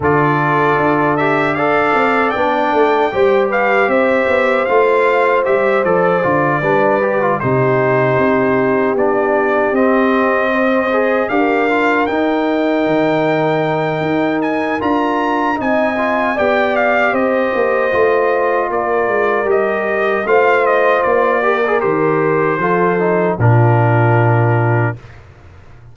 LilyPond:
<<
  \new Staff \with { instrumentName = "trumpet" } { \time 4/4 \tempo 4 = 77 d''4. e''8 f''4 g''4~ | g''8 f''8 e''4 f''4 e''8 d''8~ | d''4. c''2 d''8~ | d''8 dis''2 f''4 g''8~ |
g''2~ g''8 gis''8 ais''4 | gis''4 g''8 f''8 dis''2 | d''4 dis''4 f''8 dis''8 d''4 | c''2 ais'2 | }
  \new Staff \with { instrumentName = "horn" } { \time 4/4 a'2 d''2 | c''8 b'8 c''2.~ | c''8 b'4 g'2~ g'8~ | g'4. c''4 ais'4.~ |
ais'1 | dis''4 d''4 c''2 | ais'2 c''4. ais'8~ | ais'4 a'4 f'2 | }
  \new Staff \with { instrumentName = "trombone" } { \time 4/4 f'4. g'8 a'4 d'4 | g'2 f'4 g'8 a'8 | f'8 d'8 g'16 f'16 dis'2 d'8~ | d'8 c'4. gis'8 g'8 f'8 dis'8~ |
dis'2. f'4 | dis'8 f'8 g'2 f'4~ | f'4 g'4 f'4. g'16 gis'16 | g'4 f'8 dis'8 d'2 | }
  \new Staff \with { instrumentName = "tuba" } { \time 4/4 d4 d'4. c'8 b8 a8 | g4 c'8 b8 a4 g8 f8 | d8 g4 c4 c'4 b8~ | b8 c'2 d'4 dis'8~ |
dis'8 dis4. dis'4 d'4 | c'4 b4 c'8 ais8 a4 | ais8 gis8 g4 a4 ais4 | dis4 f4 ais,2 | }
>>